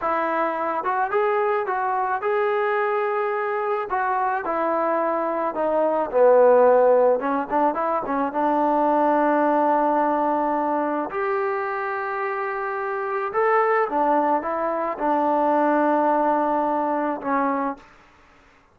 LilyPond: \new Staff \with { instrumentName = "trombone" } { \time 4/4 \tempo 4 = 108 e'4. fis'8 gis'4 fis'4 | gis'2. fis'4 | e'2 dis'4 b4~ | b4 cis'8 d'8 e'8 cis'8 d'4~ |
d'1 | g'1 | a'4 d'4 e'4 d'4~ | d'2. cis'4 | }